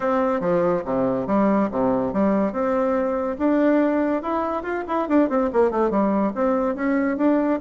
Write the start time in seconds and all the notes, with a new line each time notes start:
0.00 C4
0.40 F3
0.85 C3
1.26 G3
1.71 C3
2.13 G3
2.52 C4
3.38 D4
4.22 E4
4.62 F4
4.87 E4
5.08 D4
5.29 C4
5.52 A#3
5.70 A3
5.90 G3
6.34 C4
6.75 C#4
7.17 D4